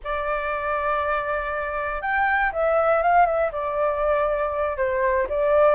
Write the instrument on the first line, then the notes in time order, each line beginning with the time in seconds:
flute
0.03 D5
2.01 G5
2.52 E5
3.02 F5
3.25 E5
3.52 D5
4.77 C5
5.29 D5